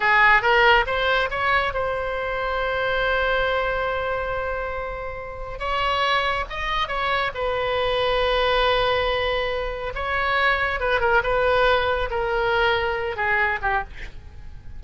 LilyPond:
\new Staff \with { instrumentName = "oboe" } { \time 4/4 \tempo 4 = 139 gis'4 ais'4 c''4 cis''4 | c''1~ | c''1~ | c''4 cis''2 dis''4 |
cis''4 b'2.~ | b'2. cis''4~ | cis''4 b'8 ais'8 b'2 | ais'2~ ais'8 gis'4 g'8 | }